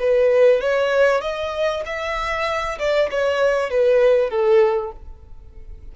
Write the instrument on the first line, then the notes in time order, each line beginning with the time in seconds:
violin
0.00 B4
0.61 C#5
1.22 D#5
1.86 E5
2.79 D5
3.11 C#5
3.71 B4
4.30 A4